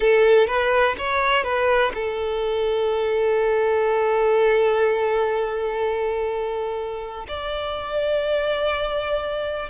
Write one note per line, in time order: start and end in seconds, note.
0.00 0.47 A4
0.47 0.95 B4
0.97 1.43 C#5
1.43 1.92 B4
1.94 7.26 A4
7.27 9.69 D5